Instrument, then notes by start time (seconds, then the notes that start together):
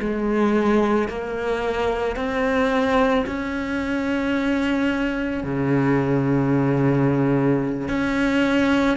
cello
0.00 G#3
1.09 A#3
2.17 C4
3.27 C#4
5.44 C#3
7.89 C#4